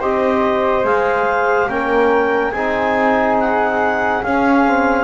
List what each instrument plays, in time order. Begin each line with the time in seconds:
0.00 double bass C4, trombone G4, flute C5, clarinet D#5
0.84 double bass G#3, trombone G#4, clarinet F5
1.69 double bass A#3, trombone C#4, flute A#4, clarinet G5
2.51 double bass C4, trombone D#4, flute G#4, clarinet G#5
3.40 clarinet F#5
4.23 double bass C#4, trombone C#4, clarinet F5
4.67 trombone C4